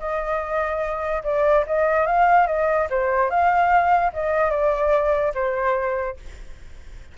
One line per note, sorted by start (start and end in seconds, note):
0.00 1.23 D#5
1.24 1.65 D5
1.67 2.07 D#5
2.07 2.47 F5
2.47 2.88 D#5
2.90 3.30 C5
3.30 4.12 F5
4.14 4.51 D#5
4.51 5.33 D5
5.35 6.17 C5